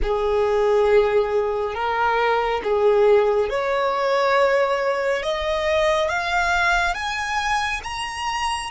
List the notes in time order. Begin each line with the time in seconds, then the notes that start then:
0.02 G#4
1.74 A#4
2.63 G#4
3.49 C#5
5.23 D#5
6.09 F5
6.94 G#5
7.83 A#5